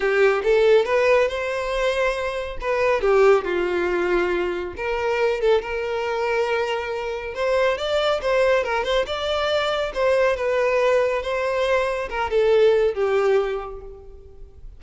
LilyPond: \new Staff \with { instrumentName = "violin" } { \time 4/4 \tempo 4 = 139 g'4 a'4 b'4 c''4~ | c''2 b'4 g'4 | f'2. ais'4~ | ais'8 a'8 ais'2.~ |
ais'4 c''4 d''4 c''4 | ais'8 c''8 d''2 c''4 | b'2 c''2 | ais'8 a'4. g'2 | }